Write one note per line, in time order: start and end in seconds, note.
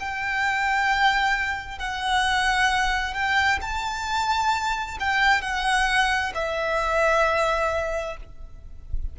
0.00 1.79 G5
1.79 3.14 F#5
3.14 3.60 G5
3.62 4.98 A5
5.00 5.42 G5
5.42 6.33 F#5
6.35 8.17 E5